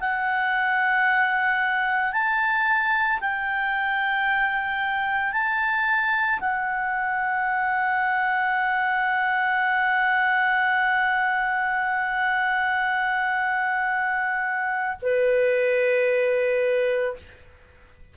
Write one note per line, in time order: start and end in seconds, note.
0.00 2.12 F#5
2.12 3.19 A5
3.20 5.32 G5
5.32 6.39 A5
6.40 14.97 F#5
15.02 17.16 B4